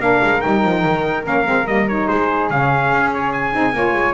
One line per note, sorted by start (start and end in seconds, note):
0.00 0.21 A#3
0.00 0.41 D4
0.00 2.08 A#4
0.00 0.41 F5
0.24 0.44 G#3
0.41 0.65 G3
0.41 1.24 D#4
0.41 1.24 G5
0.65 0.85 F3
0.85 1.26 D#3
1.24 1.47 A#3
1.24 1.45 C#4
1.24 1.67 F5
1.46 1.67 G#3
1.46 1.66 C4
1.67 2.08 G3
1.67 1.88 A#3
1.67 1.88 D#5
1.88 2.52 D#4
1.88 2.08 C#5
2.08 2.51 G#3
2.08 3.74 G#4
2.08 2.50 C5
2.51 2.92 C#3
2.51 3.52 C#4
2.51 3.13 F5
2.92 3.54 C#4
3.14 3.33 C#5
3.33 4.14 G#5
3.52 3.73 C4
3.52 3.73 D#4
3.73 3.94 A#3
3.73 4.14 F4
3.73 4.14 C#5
3.94 4.14 G#3